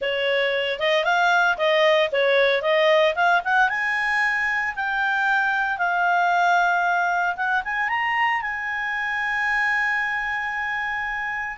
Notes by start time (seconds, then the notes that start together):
0.01 C#5
0.79 D#5
1.04 F5
1.57 D#5
2.12 C#5
2.61 D#5
3.15 F5
3.44 F#5
3.69 G#5
4.75 G5
5.78 F5
7.36 F#5
7.64 G#5
7.89 A#5
8.41 G#5